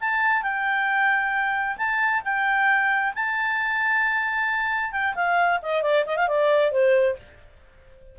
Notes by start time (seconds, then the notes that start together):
0.00 A5
0.43 G5
1.77 A5
2.24 G5
3.14 A5
4.92 G5
5.15 F5
5.62 D#5
5.82 D5
6.06 D#5
6.16 F5
6.28 D5
6.71 C5